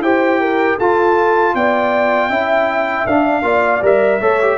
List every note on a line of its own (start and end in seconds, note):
0.00 0.76 E4
0.00 0.79 G4
0.00 0.41 C5
0.00 0.79 G5
0.41 0.78 A#4
0.78 1.55 F4
0.78 2.32 F4
0.78 1.54 A4
0.78 1.55 A5
1.55 2.30 B3
1.55 2.30 D5
1.55 3.07 G5
2.30 3.06 C#4
2.30 3.08 E4
2.30 3.44 E5
3.06 3.43 D4
3.06 3.83 F5
3.43 3.81 A#3
3.43 3.81 F4
3.43 4.21 D5
3.82 4.20 G3
3.82 4.21 A#4
3.82 4.58 E5
4.21 4.58 A3
4.21 4.41 A4
4.21 4.58 C#5
4.42 4.58 G4